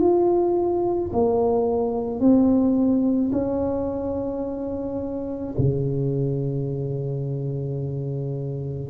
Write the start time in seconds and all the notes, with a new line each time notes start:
0.00 F4
1.13 A#3
2.20 C4
3.32 C#4
5.58 C#3